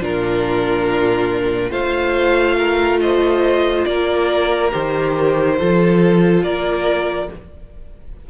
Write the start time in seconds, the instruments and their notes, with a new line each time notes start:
0.00 cello A#2, viola D4, violin F4 A#4
1.71 cello A3, viola F4, violin C5 F5
2.57 violin A#4
3.00 violin C5 D#5
3.84 cello A#3, violin A#4 D5
4.71 cello D#3, viola G4, violin C5
5.58 cello F3, viola F4, violin A4
6.43 cello A#3, violin A#4 D5